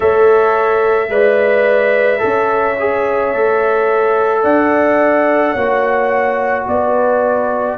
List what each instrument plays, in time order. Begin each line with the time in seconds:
0.00 tuba A3, trombone A4, horn C#5, trumpet E5
1.08 tuba G#3, trombone B4, horn D5
2.19 tuba C#4, trombone A4, horn C#5
2.79 trombone G#4
3.34 tuba A3, trombone A4
4.43 tuba D4, horn D5, trumpet F#5
5.52 tuba A#3, trombone F#4, horn C#5
6.67 tuba B3, horn B4, trumpet D5